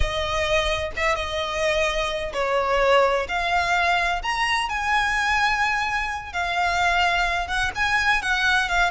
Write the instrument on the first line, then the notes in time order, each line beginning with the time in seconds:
violin
0.00 D#5
0.96 E5
1.15 D#5
2.33 C#5
3.28 F5
4.22 A#5
4.69 G#5
6.32 F5
7.47 F#5
7.75 G#5
8.22 F#5
8.68 F5